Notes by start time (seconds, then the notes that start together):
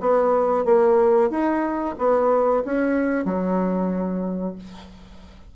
0.00 B3
0.65 A#3
1.30 D#4
1.98 B3
2.64 C#4
3.25 F#3